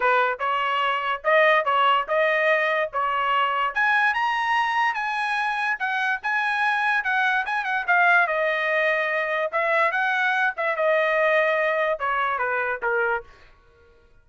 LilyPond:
\new Staff \with { instrumentName = "trumpet" } { \time 4/4 \tempo 4 = 145 b'4 cis''2 dis''4 | cis''4 dis''2 cis''4~ | cis''4 gis''4 ais''2 | gis''2 fis''4 gis''4~ |
gis''4 fis''4 gis''8 fis''8 f''4 | dis''2. e''4 | fis''4. e''8 dis''2~ | dis''4 cis''4 b'4 ais'4 | }